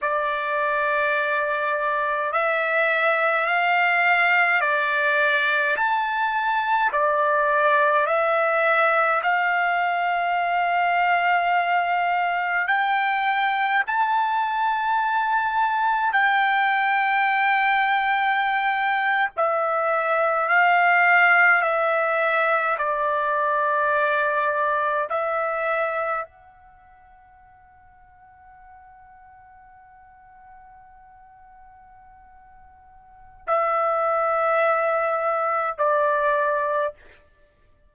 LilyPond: \new Staff \with { instrumentName = "trumpet" } { \time 4/4 \tempo 4 = 52 d''2 e''4 f''4 | d''4 a''4 d''4 e''4 | f''2. g''4 | a''2 g''2~ |
g''8. e''4 f''4 e''4 d''16~ | d''4.~ d''16 e''4 fis''4~ fis''16~ | fis''1~ | fis''4 e''2 d''4 | }